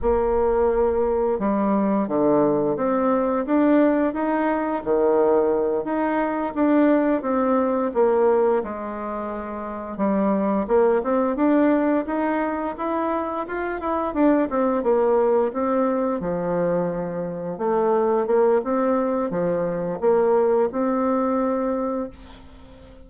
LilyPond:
\new Staff \with { instrumentName = "bassoon" } { \time 4/4 \tempo 4 = 87 ais2 g4 d4 | c'4 d'4 dis'4 dis4~ | dis8 dis'4 d'4 c'4 ais8~ | ais8 gis2 g4 ais8 |
c'8 d'4 dis'4 e'4 f'8 | e'8 d'8 c'8 ais4 c'4 f8~ | f4. a4 ais8 c'4 | f4 ais4 c'2 | }